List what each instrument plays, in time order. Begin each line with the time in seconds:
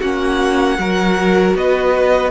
0.00 cello A#3, viola C#4, violin F#4 F#5
0.78 cello F#3, viola F#4, violin A#4
1.54 cello B3, violin B4 D#5